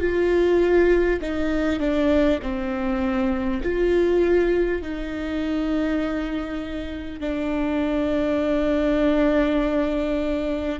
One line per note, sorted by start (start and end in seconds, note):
0.00 1.20 F4
1.21 1.80 D#4
1.80 2.40 D4
2.42 3.62 C4
3.63 4.82 F4
4.82 7.21 D#4
7.21 10.80 D4